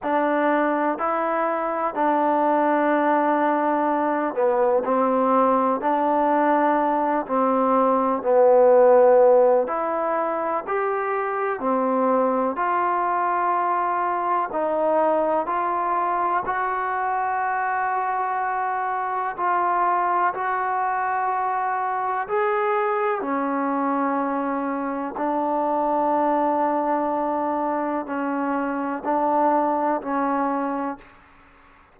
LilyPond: \new Staff \with { instrumentName = "trombone" } { \time 4/4 \tempo 4 = 62 d'4 e'4 d'2~ | d'8 b8 c'4 d'4. c'8~ | c'8 b4. e'4 g'4 | c'4 f'2 dis'4 |
f'4 fis'2. | f'4 fis'2 gis'4 | cis'2 d'2~ | d'4 cis'4 d'4 cis'4 | }